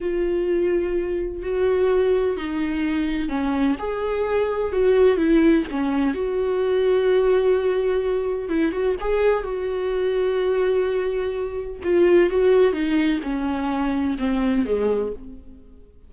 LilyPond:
\new Staff \with { instrumentName = "viola" } { \time 4/4 \tempo 4 = 127 f'2. fis'4~ | fis'4 dis'2 cis'4 | gis'2 fis'4 e'4 | cis'4 fis'2.~ |
fis'2 e'8 fis'8 gis'4 | fis'1~ | fis'4 f'4 fis'4 dis'4 | cis'2 c'4 gis4 | }